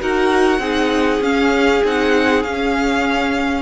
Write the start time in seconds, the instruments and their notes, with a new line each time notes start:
0.00 cello D#4, viola F#4, violin A#4 F#5
0.59 cello C4, viola D#4, violin G#4
1.21 cello C#4, viola C#4, violin F5
1.84 cello C4, viola D#4, violin F#5
2.43 cello C#4, viola C#4, violin F5